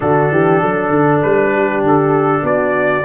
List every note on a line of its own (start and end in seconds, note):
0.00 0.31 D3
0.00 3.02 D4
0.00 0.32 F#4
0.00 1.21 A4
0.31 0.61 E3
0.31 0.60 G4
0.60 0.90 F#3
0.60 1.52 A4
0.90 1.20 D3
1.21 1.83 G3
1.21 1.83 B4
1.52 2.43 G4
1.83 2.42 D3
1.83 2.46 A4
2.42 3.03 B3
2.42 3.04 F#4
2.42 3.04 D5